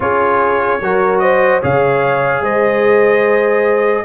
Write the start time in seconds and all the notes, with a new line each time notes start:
0.00 C#4 F4 G#4 C#5
0.80 F#3 F#4 A#4
1.19 C5 D#5
1.61 C#3 G#4 C#5 F5
2.41 G#3 C5 D#5